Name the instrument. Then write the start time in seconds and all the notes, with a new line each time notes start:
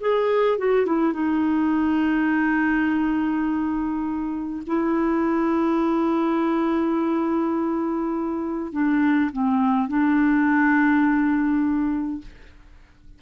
clarinet
0.00 G#4
0.58 F#4
0.85 E4
1.13 D#4
4.67 E4
8.72 D4
9.32 C4
9.88 D4